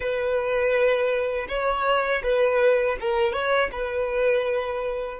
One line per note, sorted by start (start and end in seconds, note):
0.00 1.46 B4
1.48 2.22 C#5
2.23 2.97 B4
3.00 3.33 A#4
3.33 3.70 C#5
3.72 5.20 B4